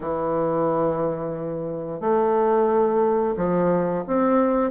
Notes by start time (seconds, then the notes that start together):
0.00 E3
2.00 A3
3.36 F3
4.07 C4